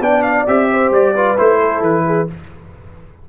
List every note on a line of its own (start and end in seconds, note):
0.00 0.45 B3
0.00 0.47 D4
0.00 0.70 D5
0.00 0.23 G5
0.23 0.46 F5
0.47 0.91 C4
0.47 1.15 G4
0.47 0.93 E5
0.71 1.15 C5
0.91 1.36 G3
0.91 1.38 D5
1.15 1.37 F4
1.15 1.59 B4
1.37 1.81 A3
1.37 2.28 E4
1.37 1.84 C5
1.59 2.05 A4
1.81 2.27 E3
1.81 2.29 B4
2.06 2.29 G#4